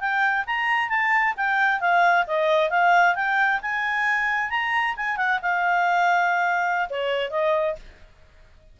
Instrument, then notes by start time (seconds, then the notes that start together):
clarinet
0.00 G5
0.46 A#5
0.90 A5
1.37 G5
1.80 F5
2.27 D#5
2.70 F5
3.16 G5
3.62 G#5
4.50 A#5
4.97 G#5
5.17 F#5
5.42 F5
6.90 C#5
7.31 D#5